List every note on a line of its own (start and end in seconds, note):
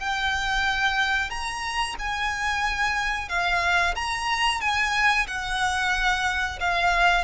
0.00 1.30 G5
1.30 1.96 A#5
1.99 3.29 G#5
3.29 3.95 F5
3.96 4.61 A#5
4.61 5.27 G#5
5.28 6.60 F#5
6.61 7.25 F5